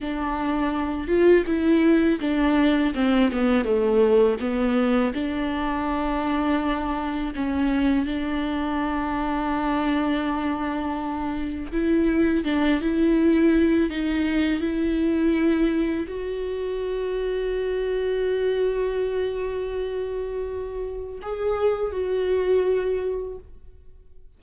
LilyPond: \new Staff \with { instrumentName = "viola" } { \time 4/4 \tempo 4 = 82 d'4. f'8 e'4 d'4 | c'8 b8 a4 b4 d'4~ | d'2 cis'4 d'4~ | d'1 |
e'4 d'8 e'4. dis'4 | e'2 fis'2~ | fis'1~ | fis'4 gis'4 fis'2 | }